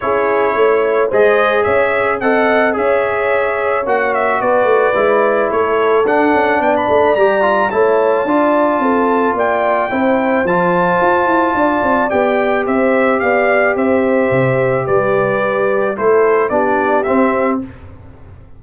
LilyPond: <<
  \new Staff \with { instrumentName = "trumpet" } { \time 4/4 \tempo 4 = 109 cis''2 dis''4 e''4 | fis''4 e''2 fis''8 e''8 | d''2 cis''4 fis''4 | g''16 b''8. ais''4 a''2~ |
a''4 g''2 a''4~ | a''2 g''4 e''4 | f''4 e''2 d''4~ | d''4 c''4 d''4 e''4 | }
  \new Staff \with { instrumentName = "horn" } { \time 4/4 gis'4 cis''4 c''4 cis''4 | dis''4 cis''2. | b'2 a'2 | d''2 cis''4 d''4 |
a'4 d''4 c''2~ | c''4 d''2 c''4 | d''4 c''2 b'4~ | b'4 a'4 g'2 | }
  \new Staff \with { instrumentName = "trombone" } { \time 4/4 e'2 gis'2 | a'4 gis'2 fis'4~ | fis'4 e'2 d'4~ | d'4 g'8 f'8 e'4 f'4~ |
f'2 e'4 f'4~ | f'2 g'2~ | g'1~ | g'4 e'4 d'4 c'4 | }
  \new Staff \with { instrumentName = "tuba" } { \time 4/4 cis'4 a4 gis4 cis'4 | c'4 cis'2 ais4 | b8 a8 gis4 a4 d'8 cis'8 | b8 a8 g4 a4 d'4 |
c'4 ais4 c'4 f4 | f'8 e'8 d'8 c'8 b4 c'4 | b4 c'4 c4 g4~ | g4 a4 b4 c'4 | }
>>